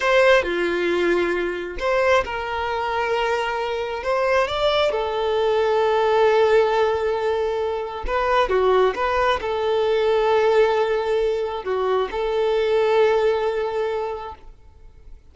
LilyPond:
\new Staff \with { instrumentName = "violin" } { \time 4/4 \tempo 4 = 134 c''4 f'2. | c''4 ais'2.~ | ais'4 c''4 d''4 a'4~ | a'1~ |
a'2 b'4 fis'4 | b'4 a'2.~ | a'2 fis'4 a'4~ | a'1 | }